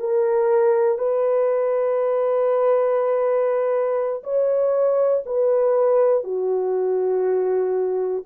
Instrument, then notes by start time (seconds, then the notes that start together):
horn
0.00 A#4
0.98 B4
4.24 C#5
5.26 B4
6.24 F#4